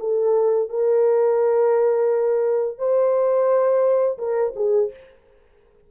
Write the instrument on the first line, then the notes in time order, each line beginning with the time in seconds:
horn
0.00 A4
0.69 A#4
2.78 C5
4.18 A#4
4.56 G#4